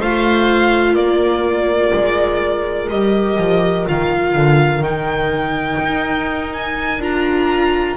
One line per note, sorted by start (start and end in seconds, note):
0.00 0.95 A3
0.00 2.90 F4
0.00 0.93 C5
0.00 0.95 F5
0.93 1.92 A#3
0.93 7.95 A#4
0.93 2.89 D5
1.93 2.90 G#3
2.89 3.38 G3
2.89 3.86 G4
2.89 3.86 D#5
3.38 3.86 F3
3.86 4.36 D#3
3.86 4.83 F4
3.86 4.83 F5
4.36 4.80 D3
4.80 5.77 D#3
4.80 7.01 D#4
4.80 6.53 G5
5.79 6.98 D#4
6.53 7.02 G#5
6.98 7.95 D4
6.98 7.97 F4
6.98 7.97 A#5